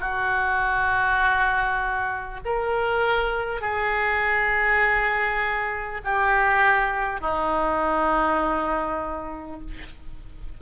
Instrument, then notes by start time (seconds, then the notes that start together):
oboe
0.00 F#4
2.45 A#4
3.62 G#4
6.04 G4
7.21 D#4